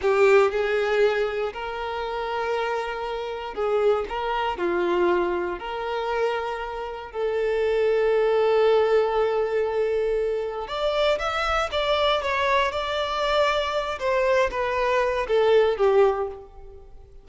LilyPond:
\new Staff \with { instrumentName = "violin" } { \time 4/4 \tempo 4 = 118 g'4 gis'2 ais'4~ | ais'2. gis'4 | ais'4 f'2 ais'4~ | ais'2 a'2~ |
a'1~ | a'4 d''4 e''4 d''4 | cis''4 d''2~ d''8 c''8~ | c''8 b'4. a'4 g'4 | }